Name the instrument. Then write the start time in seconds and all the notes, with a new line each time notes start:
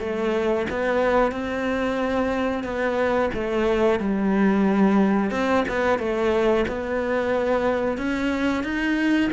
cello
0.00 A3
0.70 B3
1.32 C4
2.64 B3
3.34 A3
4.00 G3
5.31 C4
5.68 B3
5.99 A3
6.68 B3
7.98 C#4
8.64 D#4